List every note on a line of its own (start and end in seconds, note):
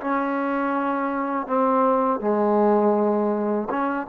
0.00 1.46 C#4
1.46 2.20 C4
2.20 3.68 G#3
3.69 4.06 C#4